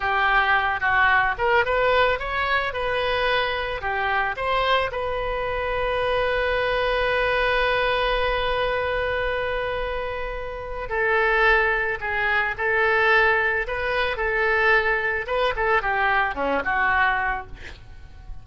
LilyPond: \new Staff \with { instrumentName = "oboe" } { \time 4/4 \tempo 4 = 110 g'4. fis'4 ais'8 b'4 | cis''4 b'2 g'4 | c''4 b'2.~ | b'1~ |
b'1 | a'2 gis'4 a'4~ | a'4 b'4 a'2 | b'8 a'8 g'4 cis'8 fis'4. | }